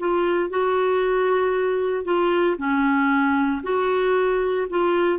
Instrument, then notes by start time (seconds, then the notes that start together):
clarinet
0.00 F4
0.50 F#4
2.05 F4
2.58 C#4
3.64 F#4
4.70 F4